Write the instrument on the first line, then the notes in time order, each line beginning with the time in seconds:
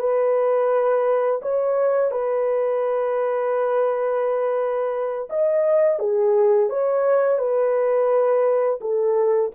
horn
0.00 B4
1.42 C#5
2.11 B4
5.30 D#5
6.00 G#4
6.70 C#5
7.39 B4
8.81 A4